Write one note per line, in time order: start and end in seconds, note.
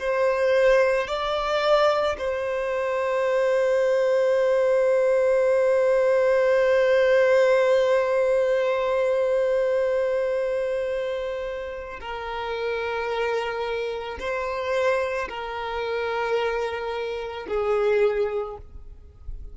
0.00 1.08 C5
1.08 2.17 D5
2.18 12.00 C5
12.00 14.19 A#4
14.20 15.29 C5
15.29 17.47 A#4
17.48 18.57 G#4